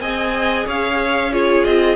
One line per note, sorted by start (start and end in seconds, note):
0.00 0.65 C4
0.00 1.32 G#4
0.00 0.66 D#5
0.00 0.66 G#5
0.66 1.65 C#4
0.66 1.32 C#5
0.66 1.32 F5
1.32 1.96 F4
1.32 1.96 G#4
1.32 1.64 C#5
1.64 1.96 C4
1.64 1.96 D#5